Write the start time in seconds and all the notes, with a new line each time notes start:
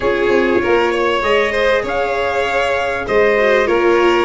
0.00 C#4 F4 G#4 C#5
0.28 C4
0.61 A#3 A#4
0.91 C#5
1.21 G#3 G#4 D#5
1.51 C5
1.83 C#4 C#5 F5
3.07 G#3 C5 D#5
3.37 F#4
3.65 A#3 F4 A#4 C#5